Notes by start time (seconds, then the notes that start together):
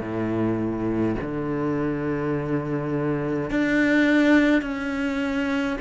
0.00 A2
1.21 D3
3.50 D4
4.62 C#4